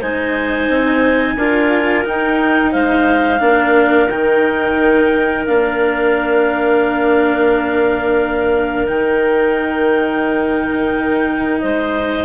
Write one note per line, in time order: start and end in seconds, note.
0.00 0.68 G#3
0.00 1.38 D#4
0.00 1.36 C5
0.00 2.06 G#5
0.68 1.36 C4
1.36 2.04 D4
1.36 2.04 F4
1.36 2.71 A#4
2.04 3.39 D#4
2.04 2.74 D#4
2.04 2.72 G5
2.71 3.40 G#3
2.71 3.39 C5
2.71 4.08 F5
3.39 4.08 A#3
3.39 4.07 D4
3.39 11.62 A#4
4.08 5.46 D#3
4.08 5.46 D#4
4.08 5.45 G5
5.46 8.88 A#3
5.46 8.87 D4
5.46 8.87 F5
8.87 11.61 D#3
8.87 12.25 D#4
8.87 11.59 G5
11.59 12.25 G#3
11.59 12.25 C5
11.59 12.25 D#5